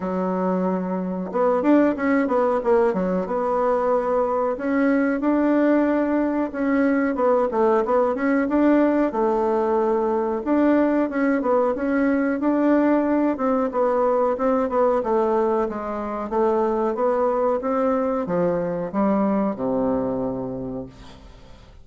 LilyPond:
\new Staff \with { instrumentName = "bassoon" } { \time 4/4 \tempo 4 = 92 fis2 b8 d'8 cis'8 b8 | ais8 fis8 b2 cis'4 | d'2 cis'4 b8 a8 | b8 cis'8 d'4 a2 |
d'4 cis'8 b8 cis'4 d'4~ | d'8 c'8 b4 c'8 b8 a4 | gis4 a4 b4 c'4 | f4 g4 c2 | }